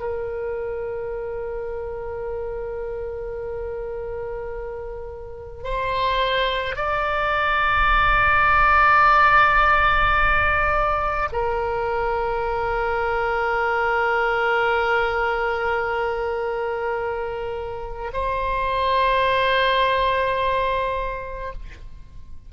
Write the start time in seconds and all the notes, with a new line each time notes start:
0.00 A#4
5.64 C5
6.76 D5
11.33 A#4
18.13 C5